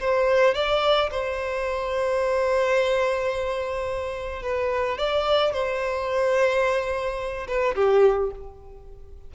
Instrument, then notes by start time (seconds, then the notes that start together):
violin
0.00 C5
0.54 D5
1.11 C5
4.42 B4
4.98 D5
5.53 C5
7.47 B4
7.75 G4